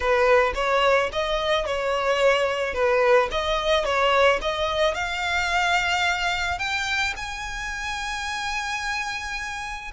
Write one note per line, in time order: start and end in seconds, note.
0.00 0.53 B4
0.54 1.09 C#5
1.12 1.65 D#5
1.65 2.74 C#5
2.74 3.29 B4
3.31 3.84 D#5
3.84 4.39 C#5
4.41 4.94 D#5
4.94 6.58 F5
6.58 7.13 G5
7.16 9.91 G#5